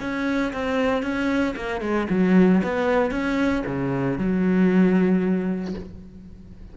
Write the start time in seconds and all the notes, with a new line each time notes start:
0.00 C#4
0.53 C4
1.02 C#4
1.56 A#3
1.81 G#3
2.09 F#3
2.63 B3
3.10 C#4
3.66 C#3
4.18 F#3